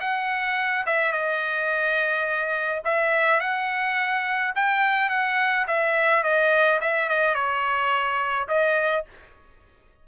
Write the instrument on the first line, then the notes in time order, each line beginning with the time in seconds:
trumpet
0.00 F#5
0.86 E5
1.12 D#5
2.84 E5
3.40 F#5
4.55 G5
5.09 F#5
5.67 E5
6.23 D#5
6.81 E5
7.09 D#5
7.34 C#5
8.48 D#5